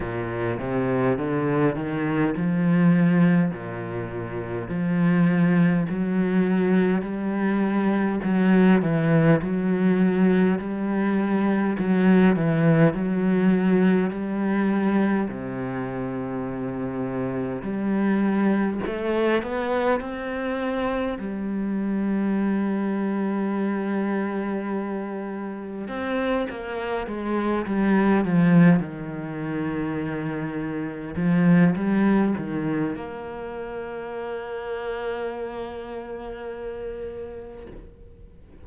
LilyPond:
\new Staff \with { instrumentName = "cello" } { \time 4/4 \tempo 4 = 51 ais,8 c8 d8 dis8 f4 ais,4 | f4 fis4 g4 fis8 e8 | fis4 g4 fis8 e8 fis4 | g4 c2 g4 |
a8 b8 c'4 g2~ | g2 c'8 ais8 gis8 g8 | f8 dis2 f8 g8 dis8 | ais1 | }